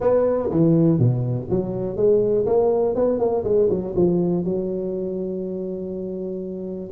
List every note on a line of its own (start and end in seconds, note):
0.00 0.50 B3
0.50 0.99 E3
0.99 1.48 B2
1.50 1.96 F#3
1.96 2.45 G#3
2.46 2.95 A#3
2.95 3.19 B3
3.19 3.43 A#3
3.44 3.68 G#3
3.70 3.94 F#3
3.95 4.44 F3
4.44 6.90 F#3